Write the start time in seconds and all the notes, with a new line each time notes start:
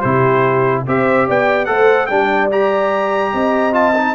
0.00 C3 E4 G4 C5
0.86 C4 G4 C5 E5
1.26 B3 D5 G5
1.65 A3 A4 C5 F#5
2.06 G3 D4 D5 G5
2.51 G4 A#5
3.33 C4 D#5
3.72 F4 A5
3.96 D#4